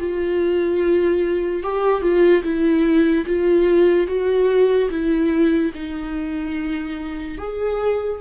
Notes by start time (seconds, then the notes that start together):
0.00 F4
1.63 G4
2.02 F4
2.44 E4
3.27 F4
4.08 F#4
4.90 E4
5.75 D#4
7.39 G#4